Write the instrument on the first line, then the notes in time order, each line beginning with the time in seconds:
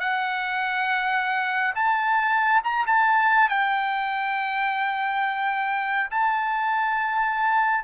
trumpet
0.00 F#5
1.75 A5
2.64 A#5
2.87 A5
3.49 G5
6.11 A5